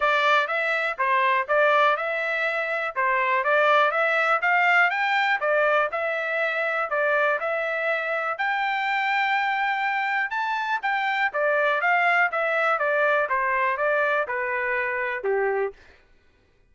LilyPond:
\new Staff \with { instrumentName = "trumpet" } { \time 4/4 \tempo 4 = 122 d''4 e''4 c''4 d''4 | e''2 c''4 d''4 | e''4 f''4 g''4 d''4 | e''2 d''4 e''4~ |
e''4 g''2.~ | g''4 a''4 g''4 d''4 | f''4 e''4 d''4 c''4 | d''4 b'2 g'4 | }